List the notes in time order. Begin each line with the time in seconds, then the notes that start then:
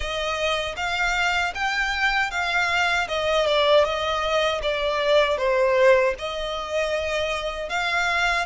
0.00 D#5
0.76 F5
1.54 G5
2.30 F5
3.08 D#5
3.46 D5
3.84 D#5
4.62 D5
5.37 C5
6.18 D#5
7.69 F5